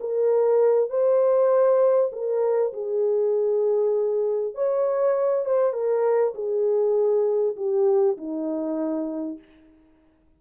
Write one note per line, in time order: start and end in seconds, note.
0.00 0.90 A#4
0.90 2.11 C5
2.12 2.73 A#4
2.73 4.55 G#4
4.55 5.45 C#5
5.45 5.73 C5
5.73 6.34 A#4
6.35 7.56 G#4
7.56 8.17 G4
8.17 9.39 D#4